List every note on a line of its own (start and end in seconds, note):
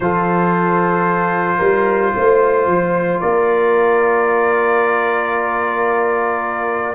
0.00 1.58 F3
0.00 6.95 F4
0.00 1.57 A4
0.00 3.20 C5
1.57 2.13 G3
1.57 2.11 A#4
2.16 2.67 A3
2.16 3.21 C5
2.67 3.20 F3
3.20 6.95 A#3
3.20 6.95 A#4
3.20 6.95 D5